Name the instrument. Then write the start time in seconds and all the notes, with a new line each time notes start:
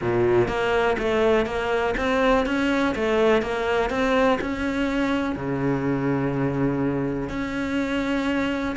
cello
0.01 A#2
0.48 A#3
0.98 A3
1.45 A#3
1.97 C4
2.45 C#4
2.95 A3
3.42 A#3
3.89 C4
4.40 C#4
5.35 C#3
7.29 C#4